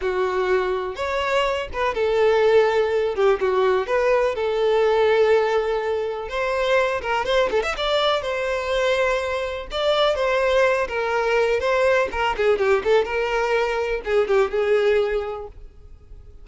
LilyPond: \new Staff \with { instrumentName = "violin" } { \time 4/4 \tempo 4 = 124 fis'2 cis''4. b'8 | a'2~ a'8 g'8 fis'4 | b'4 a'2.~ | a'4 c''4. ais'8 c''8 a'16 e''16 |
d''4 c''2. | d''4 c''4. ais'4. | c''4 ais'8 gis'8 g'8 a'8 ais'4~ | ais'4 gis'8 g'8 gis'2 | }